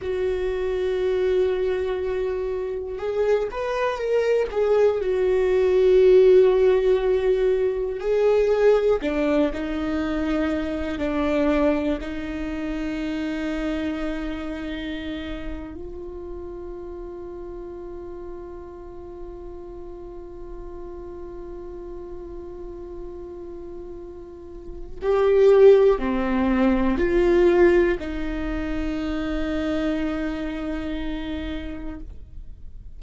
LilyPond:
\new Staff \with { instrumentName = "viola" } { \time 4/4 \tempo 4 = 60 fis'2. gis'8 b'8 | ais'8 gis'8 fis'2. | gis'4 d'8 dis'4. d'4 | dis'2.~ dis'8. f'16~ |
f'1~ | f'1~ | f'4 g'4 c'4 f'4 | dis'1 | }